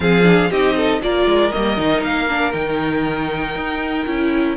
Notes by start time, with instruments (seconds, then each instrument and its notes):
0.00 cello F3, viola C4, violin G#4 F5
0.23 viola D4
0.50 cello C4, viola D#4, violin G4 D#5
0.76 violin A4
1.01 cello A#3, viola F4, violin A#4 D5
1.26 cello G#3
1.51 cello G3, viola A#3, violin D#5
1.76 cello D#3, viola D#4
2.02 cello A#3, violin F5
2.27 viola D4
2.52 cello D#3, viola D#4, violin G5
3.55 cello D#4
4.06 cello C#4, viola E4